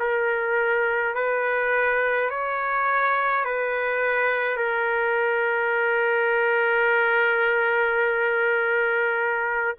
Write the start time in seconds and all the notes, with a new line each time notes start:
0.00 A#4
1.15 B4
2.30 C#5
3.45 B4
4.57 A#4